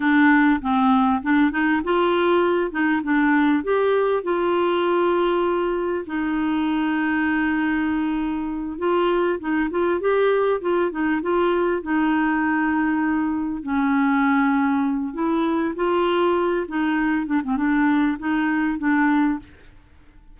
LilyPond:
\new Staff \with { instrumentName = "clarinet" } { \time 4/4 \tempo 4 = 99 d'4 c'4 d'8 dis'8 f'4~ | f'8 dis'8 d'4 g'4 f'4~ | f'2 dis'2~ | dis'2~ dis'8 f'4 dis'8 |
f'8 g'4 f'8 dis'8 f'4 dis'8~ | dis'2~ dis'8 cis'4.~ | cis'4 e'4 f'4. dis'8~ | dis'8 d'16 c'16 d'4 dis'4 d'4 | }